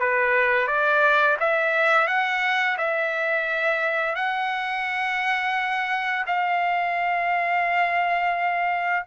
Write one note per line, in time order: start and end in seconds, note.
0.00 0.68 B4
0.68 1.37 D5
1.40 2.08 E5
2.08 2.77 F#5
2.78 4.16 E5
4.16 6.25 F#5
6.27 9.06 F5